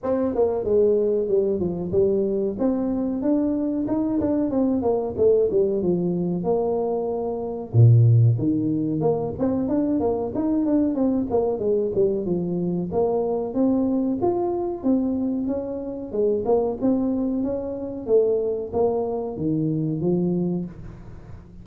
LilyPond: \new Staff \with { instrumentName = "tuba" } { \time 4/4 \tempo 4 = 93 c'8 ais8 gis4 g8 f8 g4 | c'4 d'4 dis'8 d'8 c'8 ais8 | a8 g8 f4 ais2 | ais,4 dis4 ais8 c'8 d'8 ais8 |
dis'8 d'8 c'8 ais8 gis8 g8 f4 | ais4 c'4 f'4 c'4 | cis'4 gis8 ais8 c'4 cis'4 | a4 ais4 dis4 f4 | }